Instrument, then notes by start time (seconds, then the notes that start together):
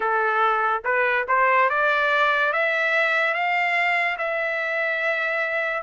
trumpet
0.00 A4
0.84 B4
1.27 C5
1.69 D5
2.52 E5
3.33 F5
4.17 E5